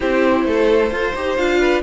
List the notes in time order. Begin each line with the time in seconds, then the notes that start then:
0.00 C4 E4 G4 C5
0.45 A3 A4
0.90 F4 A4 C5
1.15 D#4 G4
1.36 D4 F4 F5
1.59 B4